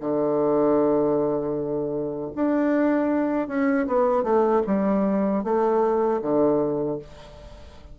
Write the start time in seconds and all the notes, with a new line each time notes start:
0.00 D3
2.35 D4
3.48 C#4
3.87 B3
4.23 A3
4.66 G3
5.44 A3
6.22 D3